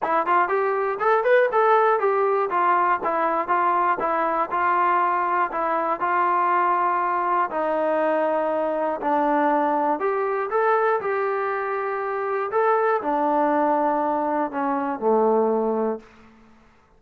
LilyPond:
\new Staff \with { instrumentName = "trombone" } { \time 4/4 \tempo 4 = 120 e'8 f'8 g'4 a'8 b'8 a'4 | g'4 f'4 e'4 f'4 | e'4 f'2 e'4 | f'2. dis'4~ |
dis'2 d'2 | g'4 a'4 g'2~ | g'4 a'4 d'2~ | d'4 cis'4 a2 | }